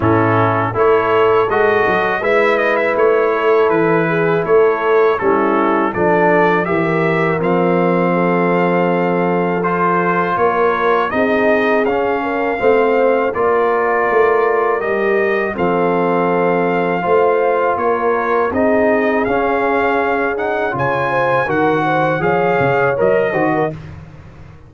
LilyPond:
<<
  \new Staff \with { instrumentName = "trumpet" } { \time 4/4 \tempo 4 = 81 a'4 cis''4 dis''4 e''8 dis''16 e''16 | cis''4 b'4 cis''4 a'4 | d''4 e''4 f''2~ | f''4 c''4 cis''4 dis''4 |
f''2 d''2 | dis''4 f''2. | cis''4 dis''4 f''4. fis''8 | gis''4 fis''4 f''4 dis''4 | }
  \new Staff \with { instrumentName = "horn" } { \time 4/4 e'4 a'2 b'4~ | b'8 a'4 gis'8 a'4 e'4 | a'4 ais'2 a'4~ | a'2 ais'4 gis'4~ |
gis'8 ais'8 c''4 ais'2~ | ais'4 a'2 c''4 | ais'4 gis'2. | cis''8 c''8 ais'8 c''8 cis''4. c''16 ais'16 | }
  \new Staff \with { instrumentName = "trombone" } { \time 4/4 cis'4 e'4 fis'4 e'4~ | e'2. cis'4 | d'4 g'4 c'2~ | c'4 f'2 dis'4 |
cis'4 c'4 f'2 | g'4 c'2 f'4~ | f'4 dis'4 cis'4. dis'8 | f'4 fis'4 gis'4 ais'8 fis'8 | }
  \new Staff \with { instrumentName = "tuba" } { \time 4/4 a,4 a4 gis8 fis8 gis4 | a4 e4 a4 g4 | f4 e4 f2~ | f2 ais4 c'4 |
cis'4 a4 ais4 a4 | g4 f2 a4 | ais4 c'4 cis'2 | cis4 dis4 f8 cis8 fis8 dis8 | }
>>